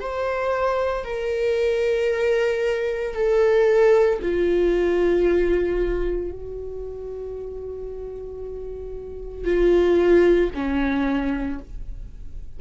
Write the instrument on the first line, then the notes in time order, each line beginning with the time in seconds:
viola
0.00 C5
1.04 A#4
3.14 A4
4.22 F4
6.31 F#4
9.44 F4
10.54 C#4